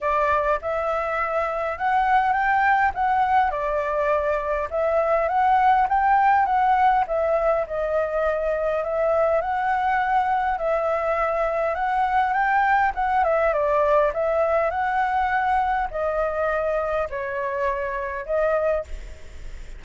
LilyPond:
\new Staff \with { instrumentName = "flute" } { \time 4/4 \tempo 4 = 102 d''4 e''2 fis''4 | g''4 fis''4 d''2 | e''4 fis''4 g''4 fis''4 | e''4 dis''2 e''4 |
fis''2 e''2 | fis''4 g''4 fis''8 e''8 d''4 | e''4 fis''2 dis''4~ | dis''4 cis''2 dis''4 | }